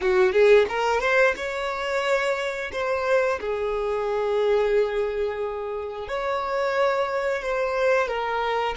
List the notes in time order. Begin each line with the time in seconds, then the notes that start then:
0.01 F#4
0.32 G#4
0.68 A#4
1.00 C5
1.36 C#5
2.72 C5
3.40 G#4
6.07 C#5
7.42 C5
8.07 A#4